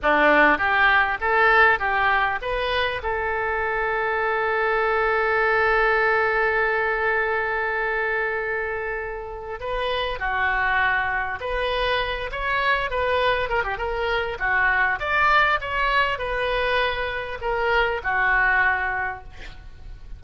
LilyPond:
\new Staff \with { instrumentName = "oboe" } { \time 4/4 \tempo 4 = 100 d'4 g'4 a'4 g'4 | b'4 a'2.~ | a'1~ | a'1 |
b'4 fis'2 b'4~ | b'8 cis''4 b'4 ais'16 g'16 ais'4 | fis'4 d''4 cis''4 b'4~ | b'4 ais'4 fis'2 | }